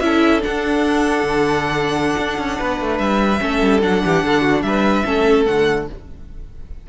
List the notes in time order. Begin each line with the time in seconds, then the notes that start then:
0.00 C#4 E4 A4 E5
0.41 D4 F#5
1.24 D3
2.18 D4
2.38 C#4
2.59 B3 B4
2.81 A3
2.99 G3 E5
3.40 A3 C#4 A4
3.62 G3
3.83 F#3 D4 F#5
4.06 E3 G4
4.23 D3 A4
4.42 F#4
4.62 G3 B4 E5
5.05 A3 C#4 A4
5.46 D3 A3 F#5